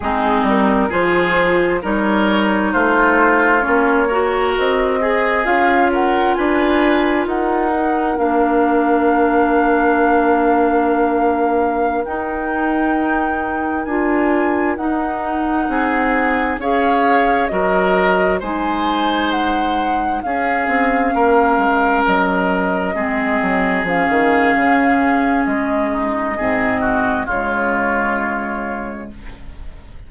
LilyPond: <<
  \new Staff \with { instrumentName = "flute" } { \time 4/4 \tempo 4 = 66 gis'8 ais'8 c''4 cis''4 c''4 | cis''4 dis''4 f''8 fis''8 gis''4 | fis''4 f''2.~ | f''4~ f''16 g''2 gis''8.~ |
gis''16 fis''2 f''4 dis''8.~ | dis''16 gis''4 fis''4 f''4.~ f''16~ | f''16 dis''2 f''4.~ f''16 | dis''2 cis''2 | }
  \new Staff \with { instrumentName = "oboe" } { \time 4/4 dis'4 gis'4 ais'4 f'4~ | f'8 ais'4 gis'4 ais'8 b'4 | ais'1~ | ais'1~ |
ais'4~ ais'16 gis'4 cis''4 ais'8.~ | ais'16 c''2 gis'4 ais'8.~ | ais'4~ ais'16 gis'2~ gis'8.~ | gis'8 dis'8 gis'8 fis'8 f'2 | }
  \new Staff \with { instrumentName = "clarinet" } { \time 4/4 c'4 f'4 dis'2 | cis'8 fis'4 gis'8 f'2~ | f'8 dis'8 d'2.~ | d'4~ d'16 dis'2 f'8.~ |
f'16 dis'2 gis'4 fis'8.~ | fis'16 dis'2 cis'4.~ cis'16~ | cis'4~ cis'16 c'4 cis'4.~ cis'16~ | cis'4 c'4 gis2 | }
  \new Staff \with { instrumentName = "bassoon" } { \time 4/4 gis8 g8 f4 g4 a4 | ais4 c'4 cis'4 d'4 | dis'4 ais2.~ | ais4~ ais16 dis'2 d'8.~ |
d'16 dis'4 c'4 cis'4 fis8.~ | fis16 gis2 cis'8 c'8 ais8 gis16~ | gis16 fis4 gis8 fis8 f16 dis8 cis4 | gis4 gis,4 cis2 | }
>>